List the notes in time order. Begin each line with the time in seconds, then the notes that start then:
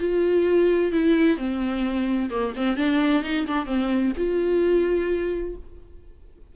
0.00 F4
0.93 E4
1.38 C4
2.30 A#3
2.57 C4
2.77 D4
3.23 D#4
3.47 D4
3.66 C4
4.17 F4